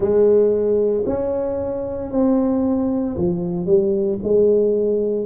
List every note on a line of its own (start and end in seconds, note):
0.00 1.03 G#3
1.05 2.11 C#4
2.11 3.16 C4
3.16 3.66 F3
3.66 4.18 G3
4.23 5.26 G#3